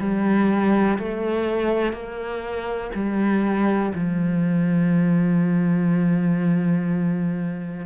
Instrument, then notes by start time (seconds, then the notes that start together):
cello
0.00 G3
0.99 A3
1.93 A#3
2.95 G3
3.95 F3